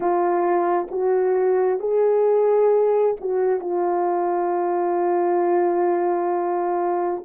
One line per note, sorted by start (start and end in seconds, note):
0.00 0.87 F4
0.90 1.79 F#4
1.79 3.16 G#4
3.20 3.60 F#4
3.60 7.23 F4